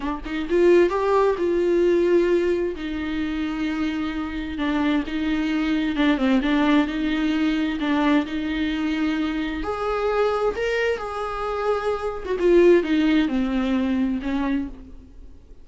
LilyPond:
\new Staff \with { instrumentName = "viola" } { \time 4/4 \tempo 4 = 131 d'8 dis'8 f'4 g'4 f'4~ | f'2 dis'2~ | dis'2 d'4 dis'4~ | dis'4 d'8 c'8 d'4 dis'4~ |
dis'4 d'4 dis'2~ | dis'4 gis'2 ais'4 | gis'2~ gis'8. fis'16 f'4 | dis'4 c'2 cis'4 | }